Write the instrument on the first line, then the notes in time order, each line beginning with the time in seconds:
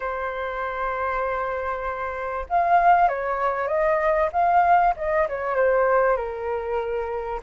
flute
0.00 C5
2.49 F5
3.08 C#5
3.67 D#5
4.32 F5
4.96 D#5
5.28 C#5
5.55 C5
6.16 A#4